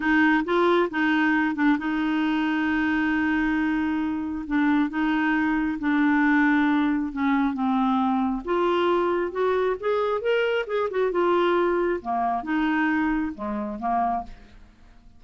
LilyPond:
\new Staff \with { instrumentName = "clarinet" } { \time 4/4 \tempo 4 = 135 dis'4 f'4 dis'4. d'8 | dis'1~ | dis'2 d'4 dis'4~ | dis'4 d'2. |
cis'4 c'2 f'4~ | f'4 fis'4 gis'4 ais'4 | gis'8 fis'8 f'2 ais4 | dis'2 gis4 ais4 | }